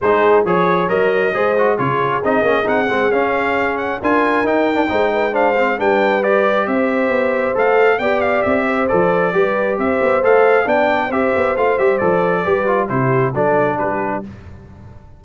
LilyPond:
<<
  \new Staff \with { instrumentName = "trumpet" } { \time 4/4 \tempo 4 = 135 c''4 cis''4 dis''2 | cis''4 dis''4 fis''4 f''4~ | f''8 fis''8 gis''4 g''2 | f''4 g''4 d''4 e''4~ |
e''4 f''4 g''8 f''8 e''4 | d''2 e''4 f''4 | g''4 e''4 f''8 e''8 d''4~ | d''4 c''4 d''4 b'4 | }
  \new Staff \with { instrumentName = "horn" } { \time 4/4 gis'4 cis''2 c''4 | gis'1~ | gis'4 ais'2 c''8 b'8 | c''4 b'2 c''4~ |
c''2 d''4. c''8~ | c''4 b'4 c''2 | d''4 c''2. | b'4 g'4 a'4 g'4 | }
  \new Staff \with { instrumentName = "trombone" } { \time 4/4 dis'4 gis'4 ais'4 gis'8 fis'8 | f'4 dis'8 cis'8 dis'8 c'8 cis'4~ | cis'4 f'4 dis'8. d'16 dis'4 | d'8 c'8 d'4 g'2~ |
g'4 a'4 g'2 | a'4 g'2 a'4 | d'4 g'4 f'8 g'8 a'4 | g'8 f'8 e'4 d'2 | }
  \new Staff \with { instrumentName = "tuba" } { \time 4/4 gis4 f4 fis4 gis4 | cis4 c'8 ais8 c'8 gis8 cis'4~ | cis'4 d'4 dis'4 gis4~ | gis4 g2 c'4 |
b4 a4 b4 c'4 | f4 g4 c'8 b8 a4 | b4 c'8 b8 a8 g8 f4 | g4 c4 fis4 g4 | }
>>